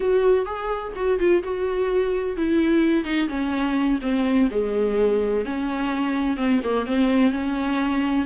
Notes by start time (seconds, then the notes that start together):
0.00 F#4
0.45 G#4
0.95 F#4
1.19 F4
1.43 F#4
2.36 E4
3.04 D#4
3.28 C#4
4.01 C4
4.50 G#3
5.45 C#4
6.37 C4
6.63 A#3
6.85 C4
7.31 C#4